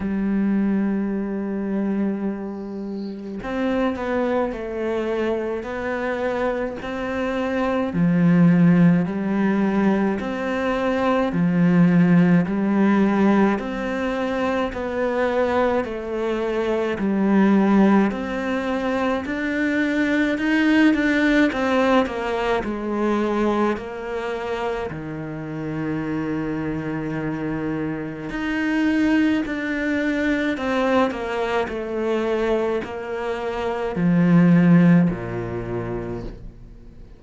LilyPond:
\new Staff \with { instrumentName = "cello" } { \time 4/4 \tempo 4 = 53 g2. c'8 b8 | a4 b4 c'4 f4 | g4 c'4 f4 g4 | c'4 b4 a4 g4 |
c'4 d'4 dis'8 d'8 c'8 ais8 | gis4 ais4 dis2~ | dis4 dis'4 d'4 c'8 ais8 | a4 ais4 f4 ais,4 | }